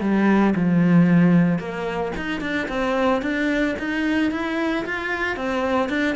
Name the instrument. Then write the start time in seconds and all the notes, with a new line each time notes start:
cello
0.00 G3
0.55 F3
1.58 A#3
2.16 D#4
2.41 D4
2.68 C4
3.21 D4
3.78 D#4
4.31 E4
4.85 F4
5.36 C4
5.89 D4